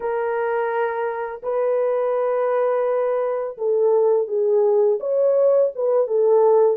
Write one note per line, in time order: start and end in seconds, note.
0.00 1.41 A#4
1.43 3.57 B4
3.57 4.27 A4
4.27 4.98 G#4
5.00 5.71 C#5
5.75 6.07 B4
6.07 6.77 A4